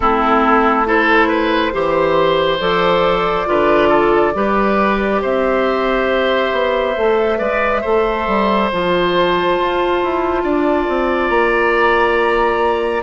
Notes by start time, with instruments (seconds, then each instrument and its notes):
0.00 bassoon A3, clarinet C4, oboe E4, flute A4
0.85 clarinet E4, oboe A4, flute C5
1.28 oboe B4
1.72 bassoon E3, clarinet G4, oboe C5
2.59 bassoon F3, clarinet A4, flute D5
3.46 bassoon D3, clarinet F4, oboe B4
3.88 oboe A4
4.34 bassoon G3, clarinet G4, oboe B4
5.21 bassoon C4, oboe C5, flute E5
6.52 bassoon B3
6.95 bassoon A3, clarinet A4
7.37 bassoon G#3, clarinet B4, oboe D5
7.81 bassoon A3, clarinet A4, oboe C5
8.27 bassoon G3
8.70 bassoon F3, clarinet F4, flute A5
9.58 bassoon F4
10.03 bassoon E4
10.43 bassoon D4, oboe D5
10.88 bassoon C4
11.28 bassoon A#3, flute A#5